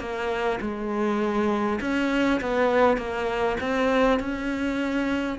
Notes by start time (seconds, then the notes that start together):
0.00 A#3
0.61 G#3
1.81 C#4
2.41 B3
2.98 A#3
3.61 C4
4.20 C#4